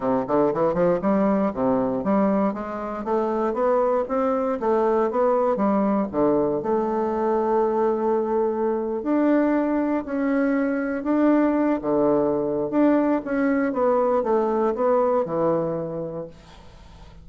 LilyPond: \new Staff \with { instrumentName = "bassoon" } { \time 4/4 \tempo 4 = 118 c8 d8 e8 f8 g4 c4 | g4 gis4 a4 b4 | c'4 a4 b4 g4 | d4 a2.~ |
a4.~ a16 d'2 cis'16~ | cis'4.~ cis'16 d'4. d8.~ | d4 d'4 cis'4 b4 | a4 b4 e2 | }